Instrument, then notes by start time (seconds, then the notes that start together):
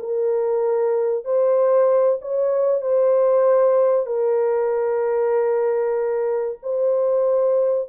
horn
0.00 A#4
1.25 C5
2.22 C#5
2.82 C5
4.07 A#4
6.63 C5